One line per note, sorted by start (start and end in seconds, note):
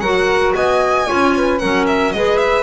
0.00 0.53 F#3
0.00 1.07 F#4
0.00 0.55 A#4
0.00 0.53 F#5
0.55 1.09 B3
0.55 1.07 D#5
0.55 1.59 G#5
1.07 1.63 C#4
1.07 1.59 F4
1.07 1.33 C#5
1.37 1.61 B4
1.59 2.14 F#3
1.59 2.15 C#4
1.59 2.13 A#4
1.59 1.85 F#5
1.87 2.12 E5
2.12 2.63 G#3
2.12 2.63 G#4
2.12 2.63 B4
2.12 2.38 D#5
2.38 2.63 E5